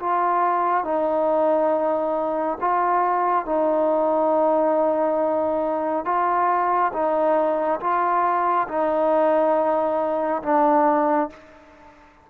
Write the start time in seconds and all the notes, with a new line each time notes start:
0.00 F4
0.85 D#4
2.60 F4
3.45 D#4
6.05 F4
6.93 D#4
7.80 F4
8.68 D#4
10.43 D4